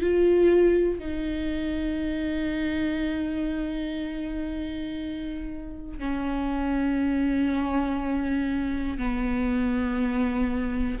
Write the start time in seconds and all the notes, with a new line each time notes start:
0.00 F4
0.98 D#4
5.98 C#4
8.98 B3